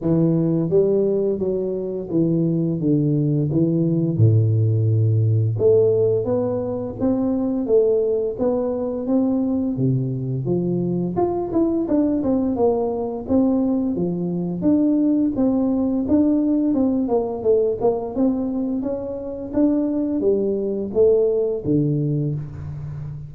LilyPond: \new Staff \with { instrumentName = "tuba" } { \time 4/4 \tempo 4 = 86 e4 g4 fis4 e4 | d4 e4 a,2 | a4 b4 c'4 a4 | b4 c'4 c4 f4 |
f'8 e'8 d'8 c'8 ais4 c'4 | f4 d'4 c'4 d'4 | c'8 ais8 a8 ais8 c'4 cis'4 | d'4 g4 a4 d4 | }